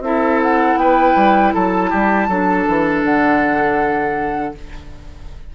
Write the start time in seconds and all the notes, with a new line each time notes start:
0.00 C4 E4 A4 E5
0.43 F#5
0.76 B3 B4 G5
1.15 G3
1.54 F#3 A4 A5
1.90 G3 G4
2.28 F#3 D4 A4
2.68 E3
3.03 D3 F#5